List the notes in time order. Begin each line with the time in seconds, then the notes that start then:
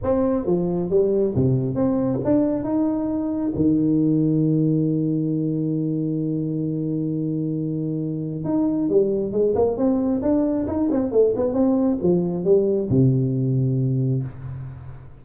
0.03 C4
0.46 F3
0.90 G3
1.35 C3
1.75 C4
2.24 D4
2.63 D#4
3.55 D#3
8.44 D#4
8.89 G3
9.32 G#3
9.55 A#3
9.77 C4
10.21 D4
10.67 D#4
10.91 C4
11.11 A3
11.36 B3
11.53 C4
12.02 F3
12.44 G3
12.89 C3